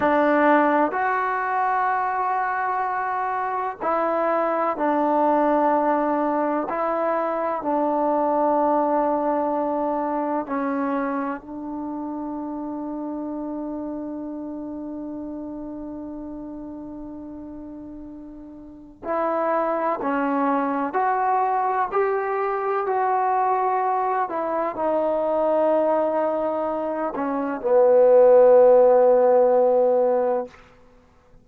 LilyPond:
\new Staff \with { instrumentName = "trombone" } { \time 4/4 \tempo 4 = 63 d'4 fis'2. | e'4 d'2 e'4 | d'2. cis'4 | d'1~ |
d'1 | e'4 cis'4 fis'4 g'4 | fis'4. e'8 dis'2~ | dis'8 cis'8 b2. | }